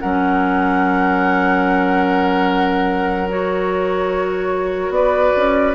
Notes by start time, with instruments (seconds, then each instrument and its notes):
0.00 bassoon F#3, clarinet C#4, oboe A#4, flute F#5
3.29 clarinet F#4, flute C#5
4.90 bassoon B3, oboe B4, flute D5
5.37 bassoon C#4